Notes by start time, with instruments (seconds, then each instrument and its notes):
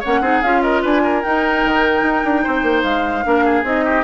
0.00 bassoon A#3, clarinet C#4, oboe C#5, flute F#5
0.20 bassoon C4, clarinet D#4, oboe G#4
0.42 bassoon C#4, clarinet F4, flute F5
0.62 oboe A#4, flute D#5
0.82 bassoon D4, oboe B4, flute G#5
1.03 oboe A#4
1.23 clarinet D#4, bassoon D#4, flute G5
1.65 bassoon D#3
2.02 bassoon D#4
2.24 bassoon D4
2.43 bassoon C4, oboe C5
2.62 bassoon A#3
2.83 bassoon G#3, flute F5
3.24 bassoon A#3, clarinet D4, oboe A#4
3.44 oboe G#4
3.63 bassoon C4, clarinet D#4, flute D#5
3.84 oboe G4